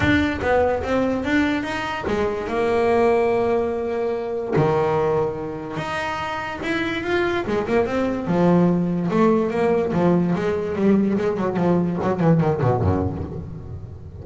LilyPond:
\new Staff \with { instrumentName = "double bass" } { \time 4/4 \tempo 4 = 145 d'4 b4 c'4 d'4 | dis'4 gis4 ais2~ | ais2. dis4~ | dis2 dis'2 |
e'4 f'4 gis8 ais8 c'4 | f2 a4 ais4 | f4 gis4 g4 gis8 fis8 | f4 fis8 e8 dis8 b,8 fis,4 | }